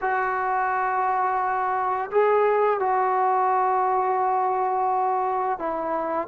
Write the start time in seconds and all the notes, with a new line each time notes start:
0.01 F#4
2.11 G#4
2.79 F#4
5.58 E4